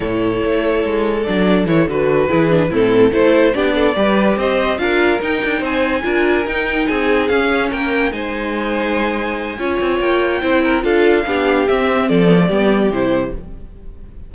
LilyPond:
<<
  \new Staff \with { instrumentName = "violin" } { \time 4/4 \tempo 4 = 144 cis''2. d''4 | cis''8 b'2 a'4 c''8~ | c''8 d''2 dis''4 f''8~ | f''8 g''4 gis''2 g''8~ |
g''8 gis''4 f''4 g''4 gis''8~ | gis''1 | g''2 f''2 | e''4 d''2 c''4 | }
  \new Staff \with { instrumentName = "violin" } { \time 4/4 a'1~ | a'4. gis'4 e'4 a'8~ | a'8 g'8 a'8 b'4 c''4 ais'8~ | ais'4. c''4 ais'4.~ |
ais'8 gis'2 ais'4 c''8~ | c''2. cis''4~ | cis''4 c''8 ais'8 a'4 g'4~ | g'4 a'4 g'2 | }
  \new Staff \with { instrumentName = "viola" } { \time 4/4 e'2. d'4 | e'8 fis'4 e'8 d'8 c'4 e'8~ | e'8 d'4 g'2 f'8~ | f'8 dis'2 f'4 dis'8~ |
dis'4. cis'2 dis'8~ | dis'2. f'4~ | f'4 e'4 f'4 d'4 | c'4. b16 a16 b4 e'4 | }
  \new Staff \with { instrumentName = "cello" } { \time 4/4 a,4 a4 gis4 fis4 | e8 d4 e4 a,4 a8~ | a8 b4 g4 c'4 d'8~ | d'8 dis'8 d'8 c'4 d'4 dis'8~ |
dis'8 c'4 cis'4 ais4 gis8~ | gis2. cis'8 c'8 | ais4 c'4 d'4 b4 | c'4 f4 g4 c4 | }
>>